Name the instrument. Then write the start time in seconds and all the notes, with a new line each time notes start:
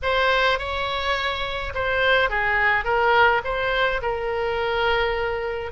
oboe
0.02 C5
0.58 C#5
1.74 C5
2.29 G#4
2.84 A#4
3.44 C5
4.02 A#4